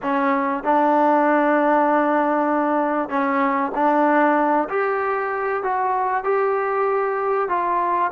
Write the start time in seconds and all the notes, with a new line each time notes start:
0.02 C#4
0.63 D4
3.09 C#4
3.74 D4
4.69 G4
5.63 F#4
6.23 G4
7.48 F4